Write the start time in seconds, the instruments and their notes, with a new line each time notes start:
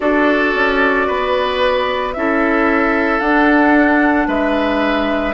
0.00 bassoon D4, clarinet F#4, oboe A4, flute D5
0.54 bassoon C#4
1.07 bassoon B3, oboe B4
2.13 bassoon C#4, clarinet E4, oboe A4, flute E5
3.20 bassoon D4, clarinet D4, flute F#5
4.27 bassoon G#3, oboe B4, flute E5